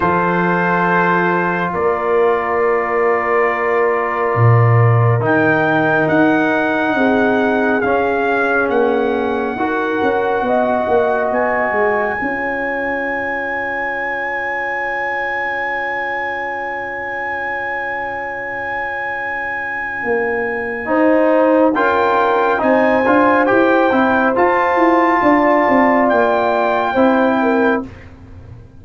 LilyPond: <<
  \new Staff \with { instrumentName = "trumpet" } { \time 4/4 \tempo 4 = 69 c''2 d''2~ | d''2 g''4 fis''4~ | fis''4 f''4 fis''2~ | fis''4 gis''2.~ |
gis''1~ | gis''1~ | gis''4 g''4 gis''4 g''4 | a''2 g''2 | }
  \new Staff \with { instrumentName = "horn" } { \time 4/4 a'2 ais'2~ | ais'1 | gis'2. ais'4 | dis''2 cis''2~ |
cis''1~ | cis''1 | c''4 ais'4 c''2~ | c''4 d''2 c''8 ais'8 | }
  \new Staff \with { instrumentName = "trombone" } { \time 4/4 f'1~ | f'2 dis'2~ | dis'4 cis'2 fis'4~ | fis'2 f'2~ |
f'1~ | f'1 | dis'4 f'4 dis'8 f'8 g'8 e'8 | f'2. e'4 | }
  \new Staff \with { instrumentName = "tuba" } { \time 4/4 f2 ais2~ | ais4 ais,4 dis4 dis'4 | c'4 cis'4 ais4 dis'8 cis'8 | b8 ais8 b8 gis8 cis'2~ |
cis'1~ | cis'2. ais4 | dis'4 cis'4 c'8 d'8 e'8 c'8 | f'8 e'8 d'8 c'8 ais4 c'4 | }
>>